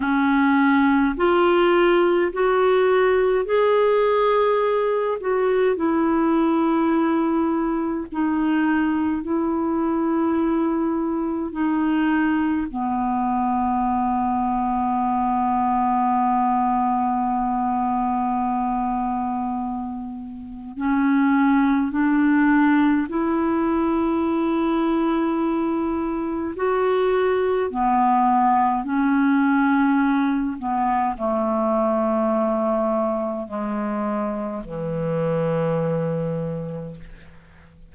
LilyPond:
\new Staff \with { instrumentName = "clarinet" } { \time 4/4 \tempo 4 = 52 cis'4 f'4 fis'4 gis'4~ | gis'8 fis'8 e'2 dis'4 | e'2 dis'4 b4~ | b1~ |
b2 cis'4 d'4 | e'2. fis'4 | b4 cis'4. b8 a4~ | a4 gis4 e2 | }